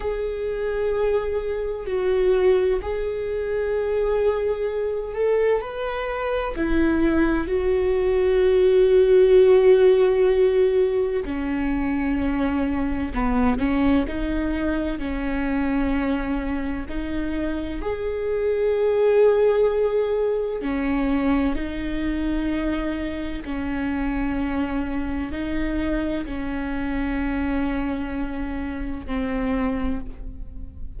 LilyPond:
\new Staff \with { instrumentName = "viola" } { \time 4/4 \tempo 4 = 64 gis'2 fis'4 gis'4~ | gis'4. a'8 b'4 e'4 | fis'1 | cis'2 b8 cis'8 dis'4 |
cis'2 dis'4 gis'4~ | gis'2 cis'4 dis'4~ | dis'4 cis'2 dis'4 | cis'2. c'4 | }